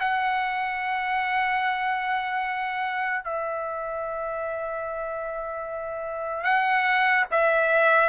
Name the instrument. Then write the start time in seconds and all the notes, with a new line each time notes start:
trumpet
0.00 F#5
3.24 E5
6.44 F#5
7.31 E5